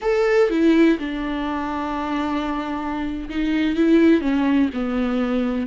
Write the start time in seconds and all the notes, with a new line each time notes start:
0.01 A4
0.49 E4
0.99 D4
3.29 D#4
3.76 E4
4.21 C#4
4.73 B3